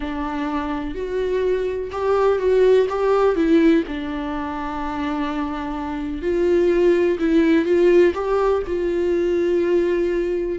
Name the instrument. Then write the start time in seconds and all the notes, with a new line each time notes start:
viola
0.00 D4
0.94 F#4
1.91 G4
2.38 F#4
2.89 G4
3.35 E4
3.87 D4
6.21 F4
7.19 E4
7.65 F4
8.14 G4
8.66 F4